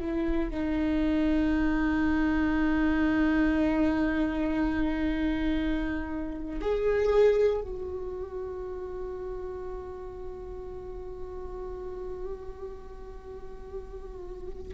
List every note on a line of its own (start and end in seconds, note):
0.00 0.51 E4
0.51 6.61 D#4
6.61 7.62 G#4
7.62 14.74 F#4